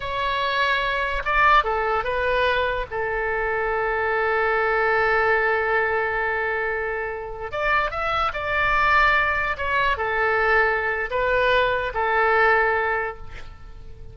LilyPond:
\new Staff \with { instrumentName = "oboe" } { \time 4/4 \tempo 4 = 146 cis''2. d''4 | a'4 b'2 a'4~ | a'1~ | a'1~ |
a'2~ a'16 d''4 e''8.~ | e''16 d''2. cis''8.~ | cis''16 a'2~ a'8. b'4~ | b'4 a'2. | }